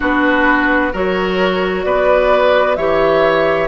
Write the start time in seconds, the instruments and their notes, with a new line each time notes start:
0.00 bassoon B3, clarinet D4, oboe F#4, flute B4
0.92 bassoon F#3, clarinet F#4, oboe A#4, flute C#5
1.83 bassoon B3, oboe B4, flute D5
2.75 bassoon E3, clarinet G4, oboe C#5, flute E5